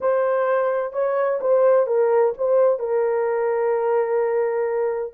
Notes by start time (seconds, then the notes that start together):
0.00 C5
0.92 C#5
1.40 C5
1.86 A#4
2.37 C5
2.79 A#4